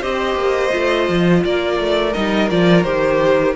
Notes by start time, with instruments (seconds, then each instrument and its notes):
0.00 cello C4, viola G4, violin C5 D#5
0.35 cello A#3
0.70 cello A3, viola F4
1.09 cello F3
1.45 cello A#3, violin A#4 D5
1.80 cello A3
2.14 cello G3, viola D#4, violin D#5
2.50 cello F3, viola F4, violin D5
2.83 cello D#3, viola G4, violin C5